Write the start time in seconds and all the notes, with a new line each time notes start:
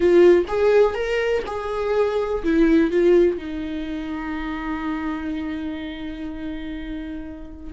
0.00 F4
0.48 G#4
0.94 A#4
1.46 G#4
2.43 E4
2.91 F4
3.37 D#4